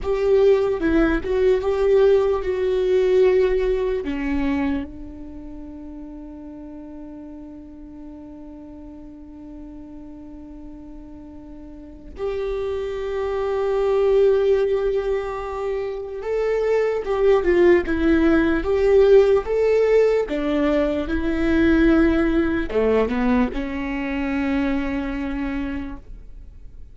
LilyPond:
\new Staff \with { instrumentName = "viola" } { \time 4/4 \tempo 4 = 74 g'4 e'8 fis'8 g'4 fis'4~ | fis'4 cis'4 d'2~ | d'1~ | d'2. g'4~ |
g'1 | a'4 g'8 f'8 e'4 g'4 | a'4 d'4 e'2 | a8 b8 cis'2. | }